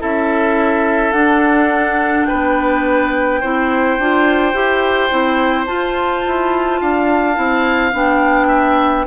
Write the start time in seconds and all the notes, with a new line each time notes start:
0.00 C#4 E4 A4 E5
1.13 D4 F#5
2.25 B4 G5
2.32 B3
3.41 C4 E4 C5
3.99 D4 F4
4.54 E4 G4
5.10 C4 E4
5.66 F4 A5
6.27 E4
6.81 D4 F5
7.35 C4 E4
7.93 B3 D4 G5
8.48 E5